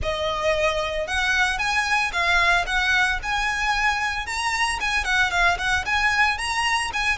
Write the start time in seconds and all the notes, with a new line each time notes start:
0.02 D#5
1.07 F#5
1.58 G#5
2.12 F5
2.66 F#5
3.22 G#5
4.26 A#5
4.80 G#5
5.04 F#5
5.30 F5
5.58 F#5
5.85 G#5
6.38 A#5
6.93 G#5